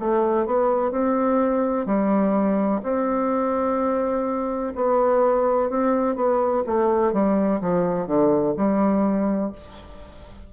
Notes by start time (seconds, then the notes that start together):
0.00 A3
0.46 B3
0.91 C4
1.86 G3
2.83 C4
4.75 B3
5.70 C4
6.16 B3
6.67 A3
7.13 G3
7.61 F3
8.07 D3
8.57 G3